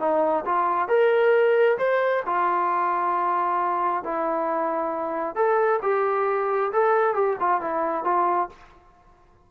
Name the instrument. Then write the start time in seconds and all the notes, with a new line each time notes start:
trombone
0.00 D#4
0.46 F4
0.88 A#4
1.78 C5
2.26 F4
4.04 E4
5.35 A4
5.82 G4
6.73 A4
7.14 G4
7.40 F4
7.61 E4
8.04 F4